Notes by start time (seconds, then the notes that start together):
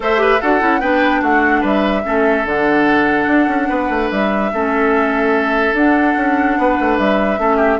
0.00 A3 A4 C5 E5
0.17 G4 B4
0.40 D4 F#4 A4 F#5
0.60 C#4 E4
0.79 B3 D4 B4 G5
1.21 A3 F#4 F#5
1.60 G3 B4 E5
2.03 A3 C#4 A4
2.44 D3 D4 F#5
3.27 D4
3.47 C#4
3.68 B3 B4
3.89 A3
4.10 G3 E5
4.52 A3 C#4 A4
5.72 D4 F#5
6.16 C#4
6.58 B3 B4
6.80 A3
6.97 G3 E5
7.38 A3 C#4 A4
7.56 G4